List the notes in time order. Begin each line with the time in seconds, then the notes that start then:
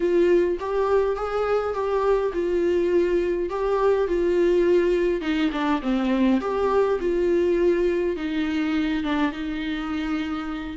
0.00 F4
0.59 G4
1.16 G#4
1.73 G4
2.33 F4
3.49 G4
4.07 F4
5.21 D#4
5.52 D4
5.81 C4
6.40 G4
7.00 F4
8.16 D#4
9.03 D4
9.32 D#4